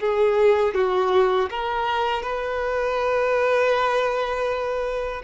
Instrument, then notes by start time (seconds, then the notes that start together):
violin
0.00 G#4
0.75 F#4
1.50 A#4
2.23 B4